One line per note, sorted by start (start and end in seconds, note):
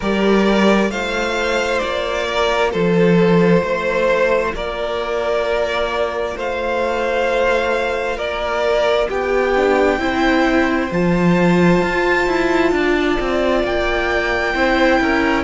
0.00 0.90 G3
0.00 0.89 G4
0.00 0.90 A#4
0.00 0.91 D5
0.89 1.80 A3
0.89 9.53 F4
0.89 2.27 C5
0.89 1.79 F5
1.79 2.74 A#3
1.79 2.70 D5
2.27 2.72 A#4
2.72 3.62 F3
2.72 3.62 A4
2.72 4.54 C5
3.62 4.53 A3
3.62 4.53 C5
4.53 6.35 A#3
4.53 6.35 A#4
4.53 6.37 D5
6.35 8.17 A3
6.35 8.16 C5
6.35 8.18 F5
8.16 9.08 A#3
8.16 9.07 A#4
8.16 9.09 D5
9.08 9.98 B3
9.08 9.99 G4
9.08 10.92 G5
9.56 9.99 D4
9.98 10.89 C4
9.98 10.90 E4
9.98 12.74 C5
10.91 11.81 F3
10.91 14.54 F4
10.91 13.65 A5
11.81 12.27 F4
12.27 12.72 E4
12.72 13.17 D4
12.72 14.54 D5
13.20 13.63 C4
13.63 14.54 A#3
13.63 15.43 G5
14.54 15.00 C4
14.54 15.43 E4
14.54 14.99 C5
15.01 15.43 C#4
15.01 15.43 A#4